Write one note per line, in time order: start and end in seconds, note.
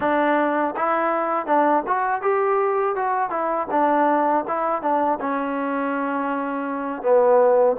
0.00 0.74 D4
0.76 1.46 E4
1.46 1.83 D4
1.87 2.21 F#4
2.21 2.95 G4
2.95 3.30 F#4
3.30 3.67 E4
3.70 4.44 D4
4.47 4.81 E4
4.81 5.19 D4
5.20 7.02 C#4
7.02 7.76 B3